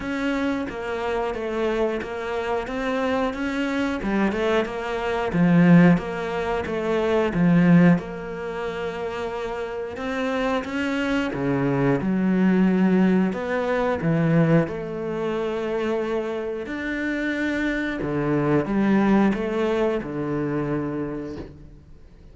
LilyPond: \new Staff \with { instrumentName = "cello" } { \time 4/4 \tempo 4 = 90 cis'4 ais4 a4 ais4 | c'4 cis'4 g8 a8 ais4 | f4 ais4 a4 f4 | ais2. c'4 |
cis'4 cis4 fis2 | b4 e4 a2~ | a4 d'2 d4 | g4 a4 d2 | }